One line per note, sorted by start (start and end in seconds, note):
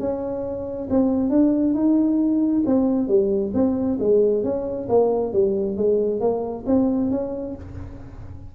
0.00 0.89 C#4
0.90 1.30 C4
1.30 1.74 D4
1.75 2.63 D#4
2.66 3.08 C4
3.08 3.53 G3
3.54 3.99 C4
4.00 4.44 G#3
4.44 4.88 C#4
4.89 5.33 A#3
5.33 5.77 G3
5.77 6.21 G#3
6.21 6.65 A#3
6.67 7.11 C4
7.11 7.56 C#4